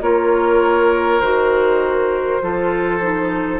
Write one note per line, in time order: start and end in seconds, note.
0.00 1.20 A#3
0.00 1.21 F4
0.00 2.42 A#4
0.00 1.20 C#5
1.20 2.40 D#3
1.20 2.41 F#4
1.20 3.59 C5
2.41 3.59 F3
2.41 3.00 F4
2.41 3.59 A4
3.00 3.59 D#4